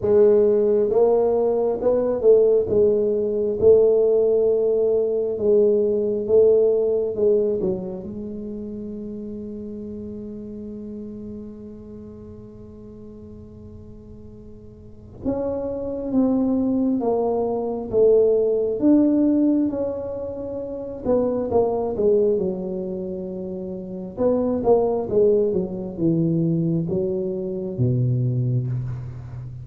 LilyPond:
\new Staff \with { instrumentName = "tuba" } { \time 4/4 \tempo 4 = 67 gis4 ais4 b8 a8 gis4 | a2 gis4 a4 | gis8 fis8 gis2.~ | gis1~ |
gis4 cis'4 c'4 ais4 | a4 d'4 cis'4. b8 | ais8 gis8 fis2 b8 ais8 | gis8 fis8 e4 fis4 b,4 | }